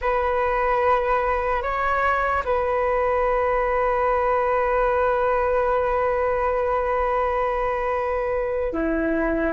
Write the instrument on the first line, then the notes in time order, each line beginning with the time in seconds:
flute
0.01 B4
1.62 C#5
2.44 B4
8.72 E4